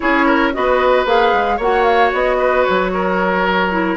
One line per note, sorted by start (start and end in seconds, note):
0.00 0.56 C#4
0.00 0.53 E4
0.00 0.25 G#4
0.00 0.52 C#5
0.25 0.52 A#4
0.53 1.05 B3
0.53 1.05 F#4
0.53 1.57 B4
0.53 1.06 D#5
1.05 1.32 A#3
1.05 1.59 G#4
1.05 1.60 F5
1.33 1.59 G#3
1.57 2.12 A#3
1.57 3.71 F#4
1.57 2.36 C#5
1.57 1.84 F#5
1.84 2.10 F5
2.13 2.66 B3
2.13 2.63 D#5
2.38 2.91 B4
2.63 3.97 F#3
2.63 3.96 C#5
2.93 3.97 A#4
3.71 3.97 E4